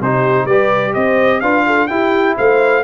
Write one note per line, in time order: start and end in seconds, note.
0.00 0.44 C3
0.00 0.49 D#4
0.00 0.46 G4
0.00 0.46 C5
0.44 0.92 G3
0.44 1.43 G4
0.44 0.94 B4
0.44 0.93 D5
0.93 1.41 C4
0.93 1.41 C5
0.93 1.40 D#5
1.40 1.88 D4
1.40 1.89 F4
1.40 1.64 B4
1.40 1.87 F5
1.66 1.90 A4
1.87 2.83 E4
1.87 2.37 E4
1.87 2.37 G4
1.87 2.34 G5
2.37 2.83 A3
2.37 2.83 C5
2.37 2.83 F5